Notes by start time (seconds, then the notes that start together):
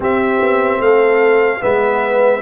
0.00 C4 G4 E5
0.41 B3
0.79 A3 A4 F5
1.60 G#3 B3 B4 E5